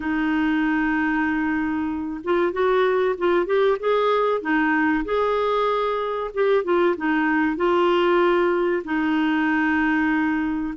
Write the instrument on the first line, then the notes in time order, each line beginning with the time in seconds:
clarinet
0.00 D#4
2.23 F4
2.52 F#4
3.18 F4
3.46 G4
3.79 G#4
4.41 D#4
5.04 G#4
6.33 G4
6.63 F4
6.96 D#4
7.56 F4
8.84 D#4